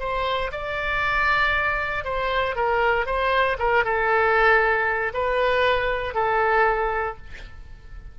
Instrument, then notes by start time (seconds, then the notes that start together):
oboe
0.00 C5
0.52 D5
2.05 C5
2.56 A#4
3.06 C5
3.59 A#4
3.85 A4
5.14 B4
6.15 A4